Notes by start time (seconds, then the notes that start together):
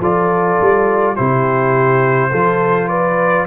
0.00 F3 F4 A4 D5
0.61 G3
1.15 C3 E4 G4 C5
2.31 F3 F4 A4
2.88 B4 D5